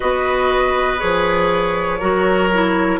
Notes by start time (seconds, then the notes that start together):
0.00 B3 F#4 B4 D#5
0.99 F3 G#4 C#5
1.99 F#3 F#4 A#4
2.53 E4